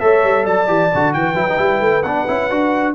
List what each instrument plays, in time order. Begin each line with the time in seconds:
0.00 tuba A3, trombone A4, horn C#5, trumpet E5
0.24 tuba G3
0.44 tuba F#3, horn D5, trumpet A5
0.67 tuba E3, trombone G4
0.94 tuba D3, trombone F#4
1.13 tuba E3, horn B4, trumpet G5
1.34 tuba F#3, trombone E4
1.49 trombone D#4
1.57 tuba G3, trombone E4
1.80 tuba A3
2.03 tuba B3, trombone D4, trumpet F#5
2.27 tuba C#4, trombone E4
2.50 tuba D4, trombone F#4